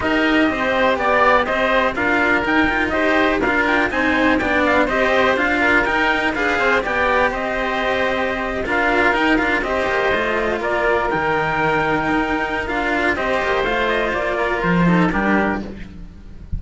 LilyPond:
<<
  \new Staff \with { instrumentName = "trumpet" } { \time 4/4 \tempo 4 = 123 dis''2 d''4 dis''4 | f''4 g''4 dis''4 f''8 g''8 | gis''4 g''8 f''8 dis''4 f''4 | g''4 f''4 g''4 dis''4~ |
dis''4.~ dis''16 f''4 g''8 f''8 dis''16~ | dis''4.~ dis''16 d''4 g''4~ g''16~ | g''2 f''4 dis''4 | f''8 dis''8 d''4 c''4 ais'4 | }
  \new Staff \with { instrumentName = "oboe" } { \time 4/4 ais'4 c''4 d''4 c''4 | ais'2 c''4 ais'4 | c''4 d''4 c''4. ais'8~ | ais'4 b'8 c''8 d''4 c''4~ |
c''4.~ c''16 ais'2 c''16~ | c''4.~ c''16 ais'2~ ais'16~ | ais'2. c''4~ | c''4. ais'4 a'8 g'4 | }
  \new Staff \with { instrumentName = "cello" } { \time 4/4 g'1 | f'4 dis'8 f'8 g'4 f'4 | dis'4 d'4 g'4 f'4 | dis'4 gis'4 g'2~ |
g'4.~ g'16 f'4 dis'8 f'8 g'16~ | g'8. f'2 dis'4~ dis'16~ | dis'2 f'4 g'4 | f'2~ f'8 dis'8 d'4 | }
  \new Staff \with { instrumentName = "cello" } { \time 4/4 dis'4 c'4 b4 c'4 | d'4 dis'2 d'4 | c'4 b4 c'4 d'4 | dis'4 d'8 c'8 b4 c'4~ |
c'4.~ c'16 d'4 dis'8 d'8 c'16~ | c'16 ais8 a4 ais4 dis4~ dis16~ | dis8. dis'4~ dis'16 d'4 c'8 ais8 | a4 ais4 f4 g4 | }
>>